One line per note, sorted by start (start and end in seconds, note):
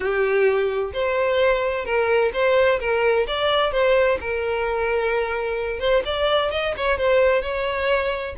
0.00 0.92 G4
0.93 1.85 C5
1.85 2.31 A#4
2.33 2.79 C5
2.79 3.26 A#4
3.27 3.72 D5
3.72 4.18 C5
4.20 5.79 A#4
5.79 6.02 C5
6.05 6.51 D5
6.51 6.74 D#5
6.77 6.98 C#5
6.98 7.42 C5
7.42 8.35 C#5